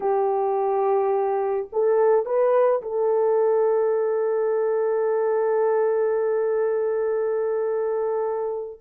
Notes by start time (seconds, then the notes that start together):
0.00 G4
1.72 A4
2.25 B4
2.82 A4